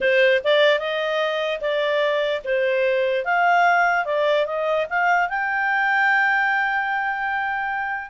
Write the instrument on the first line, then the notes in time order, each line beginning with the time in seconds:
clarinet
0.01 C5
0.43 D5
0.79 D#5
1.61 D5
2.44 C5
3.24 F5
4.05 D5
4.46 D#5
4.89 F5
5.29 G5